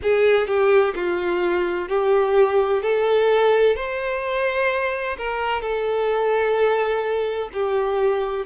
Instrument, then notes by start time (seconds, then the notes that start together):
violin
0.02 G#4
0.47 G4
0.95 F4
1.88 G4
2.82 A4
3.76 C5
5.17 A#4
5.61 A4
7.53 G4